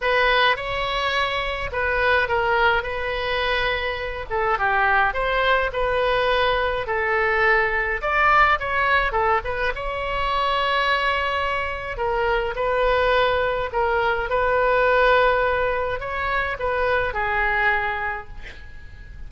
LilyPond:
\new Staff \with { instrumentName = "oboe" } { \time 4/4 \tempo 4 = 105 b'4 cis''2 b'4 | ais'4 b'2~ b'8 a'8 | g'4 c''4 b'2 | a'2 d''4 cis''4 |
a'8 b'8 cis''2.~ | cis''4 ais'4 b'2 | ais'4 b'2. | cis''4 b'4 gis'2 | }